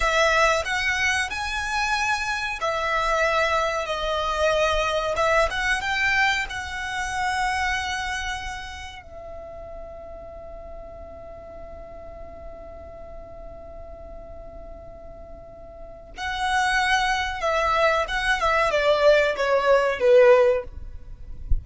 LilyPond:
\new Staff \with { instrumentName = "violin" } { \time 4/4 \tempo 4 = 93 e''4 fis''4 gis''2 | e''2 dis''2 | e''8 fis''8 g''4 fis''2~ | fis''2 e''2~ |
e''1~ | e''1~ | e''4 fis''2 e''4 | fis''8 e''8 d''4 cis''4 b'4 | }